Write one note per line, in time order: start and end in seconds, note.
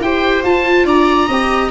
0.00 0.43 E4
0.00 0.44 G4
0.00 0.87 C5
0.00 0.44 G5
0.43 0.85 F4
0.43 1.29 F4
0.43 0.87 A5
0.85 1.27 D4
0.85 1.28 D5
0.85 1.71 A#5
1.28 1.71 C4
1.28 1.71 G4
1.28 1.70 D#5